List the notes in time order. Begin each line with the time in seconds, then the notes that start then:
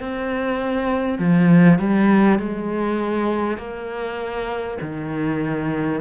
0.00 C4
1.19 F3
1.79 G3
2.39 G#3
3.58 A#3
4.82 D#3